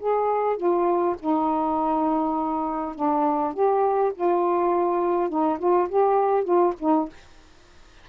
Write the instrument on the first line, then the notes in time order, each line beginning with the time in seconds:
saxophone
0.00 G#4
0.57 F4
1.20 D#4
2.96 D4
3.54 G4
4.16 F4
5.29 D#4
5.59 F4
5.89 G4
6.45 F4
6.80 D#4